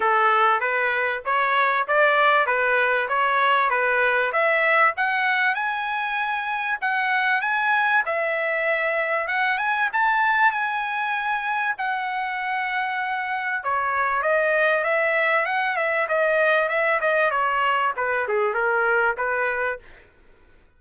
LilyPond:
\new Staff \with { instrumentName = "trumpet" } { \time 4/4 \tempo 4 = 97 a'4 b'4 cis''4 d''4 | b'4 cis''4 b'4 e''4 | fis''4 gis''2 fis''4 | gis''4 e''2 fis''8 gis''8 |
a''4 gis''2 fis''4~ | fis''2 cis''4 dis''4 | e''4 fis''8 e''8 dis''4 e''8 dis''8 | cis''4 b'8 gis'8 ais'4 b'4 | }